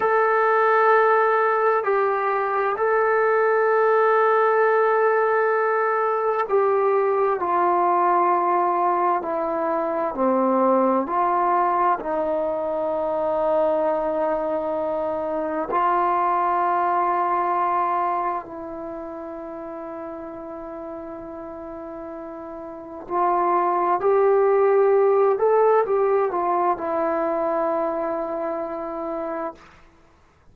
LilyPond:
\new Staff \with { instrumentName = "trombone" } { \time 4/4 \tempo 4 = 65 a'2 g'4 a'4~ | a'2. g'4 | f'2 e'4 c'4 | f'4 dis'2.~ |
dis'4 f'2. | e'1~ | e'4 f'4 g'4. a'8 | g'8 f'8 e'2. | }